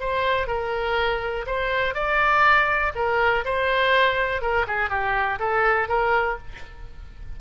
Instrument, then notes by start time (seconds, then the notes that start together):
oboe
0.00 C5
0.47 A#4
1.47 C5
1.94 D5
2.95 A#4
3.45 C5
4.42 A#4
4.67 G#4
4.90 G4
5.39 A4
5.88 A#4